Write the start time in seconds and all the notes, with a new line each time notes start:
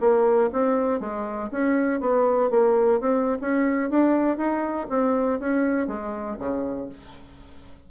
0.00 A#3
0.52 C4
1.00 G#3
1.51 C#4
2.00 B3
2.50 A#3
3.00 C4
3.41 C#4
3.90 D4
4.37 D#4
4.90 C4
5.39 C#4
5.87 G#3
6.38 C#3